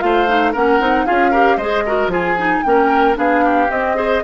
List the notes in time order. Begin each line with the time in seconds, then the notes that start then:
0.00 A3 F4 C5 F5
0.27 D#4
0.52 A#3 C#4 A#4 F#5
0.80 C4 D#4
1.06 C#4 F4 G#4 F5
1.30 G4 A#4
1.57 G#3 G#4 C5 D#5
1.86 F#4 A#4
2.07 F3 F4 G#4
2.13 G#5
2.38 D#4
2.62 A#3 C#4 A#4 G5
3.15 B3 D4 G#4 F5
3.44 G4
3.70 C4 D#5
3.96 G#4 C5